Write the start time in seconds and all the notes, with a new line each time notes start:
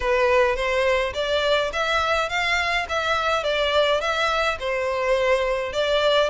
0.00 B4
0.56 C5
1.14 D5
1.72 E5
2.29 F5
2.88 E5
3.43 D5
4.01 E5
4.59 C5
5.72 D5